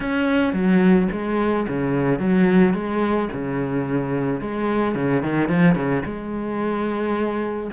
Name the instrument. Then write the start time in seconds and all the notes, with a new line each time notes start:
cello
0.00 C#4
0.53 F#3
1.11 G#3
1.68 C#3
2.19 F#3
2.73 G#3
3.32 C#3
4.40 G#3
4.94 C#3
5.22 D#3
5.48 F3
5.75 C#3
6.05 G#3